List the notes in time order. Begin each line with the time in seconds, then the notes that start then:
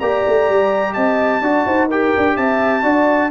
0.00 A#3 G4 D5 A#5
0.27 A3
0.49 G3
0.93 C4 D#5 A5
1.41 D4 F#4 D5
1.66 D#4 C5
1.88 G4 A#4 G5
2.17 D4
2.36 C4 E5 A5
2.83 D4 F#4 D5